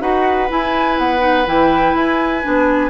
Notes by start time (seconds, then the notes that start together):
0.00 D#4 F#4 B4 F#5
0.48 E4 G#5
0.98 B3 F#5
1.19 D#4
1.46 E3 E4 G5
1.95 E4 G#5
2.42 B3 D4